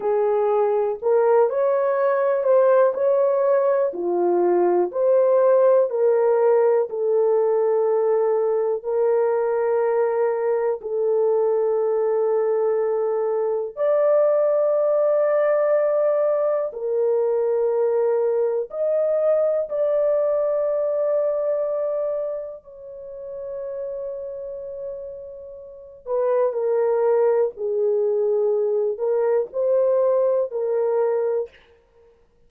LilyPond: \new Staff \with { instrumentName = "horn" } { \time 4/4 \tempo 4 = 61 gis'4 ais'8 cis''4 c''8 cis''4 | f'4 c''4 ais'4 a'4~ | a'4 ais'2 a'4~ | a'2 d''2~ |
d''4 ais'2 dis''4 | d''2. cis''4~ | cis''2~ cis''8 b'8 ais'4 | gis'4. ais'8 c''4 ais'4 | }